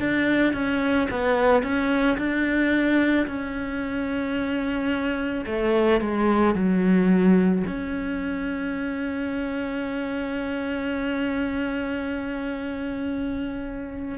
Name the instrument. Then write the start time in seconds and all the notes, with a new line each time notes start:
cello
0.00 D4
0.54 C#4
1.11 B3
1.63 C#4
2.18 D4
3.27 C#4
5.46 A3
6.01 G#3
6.55 F#3
7.67 C#4